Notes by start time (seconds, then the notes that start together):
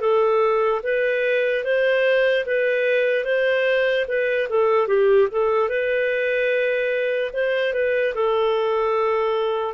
0.00 A4
0.83 B4
1.64 C5
2.45 B4
3.24 C5
4.07 B4
4.49 A4
4.87 G4
5.31 A4
5.69 B4
7.33 C5
7.73 B4
8.14 A4